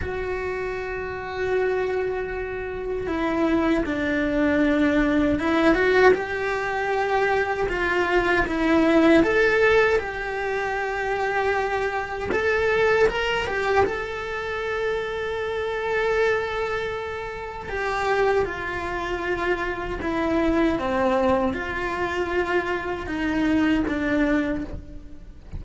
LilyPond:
\new Staff \with { instrumentName = "cello" } { \time 4/4 \tempo 4 = 78 fis'1 | e'4 d'2 e'8 fis'8 | g'2 f'4 e'4 | a'4 g'2. |
a'4 ais'8 g'8 a'2~ | a'2. g'4 | f'2 e'4 c'4 | f'2 dis'4 d'4 | }